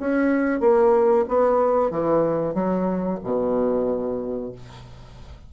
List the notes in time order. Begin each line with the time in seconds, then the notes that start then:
0.00 C#4
0.61 A#3
1.28 B3
1.91 E3
2.55 F#3
3.23 B2